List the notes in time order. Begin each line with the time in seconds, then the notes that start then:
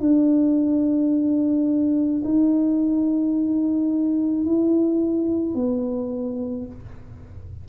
0.00 D4
2.24 D#4
4.45 E4
5.55 B3